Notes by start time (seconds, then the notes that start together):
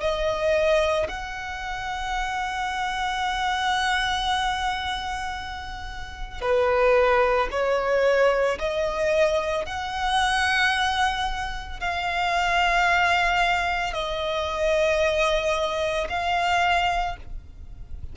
0.00 D#5
1.08 F#5
6.41 B4
7.51 C#5
8.59 D#5
9.65 F#5
11.80 F5
13.93 D#5
16.09 F5